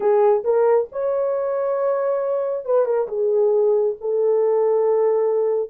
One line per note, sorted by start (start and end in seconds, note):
0.00 0.43 G#4
0.44 0.88 A#4
0.91 2.65 C#5
2.65 2.85 B4
2.85 3.07 A#4
3.08 3.96 G#4
4.00 5.70 A4